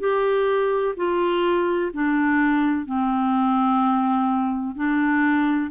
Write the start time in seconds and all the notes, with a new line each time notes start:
0.00 G4
0.97 F4
1.94 D4
2.86 C4
4.76 D4